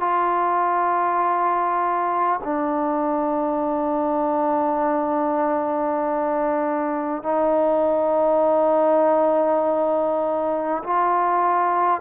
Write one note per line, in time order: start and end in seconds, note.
0.00 2.40 F4
2.44 7.23 D4
7.23 10.83 D#4
10.84 12.01 F4